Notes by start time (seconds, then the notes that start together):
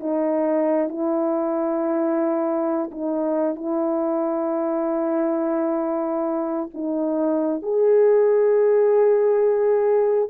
0.00 D#4
0.89 E4
2.91 D#4
3.56 E4
6.74 D#4
7.62 G#4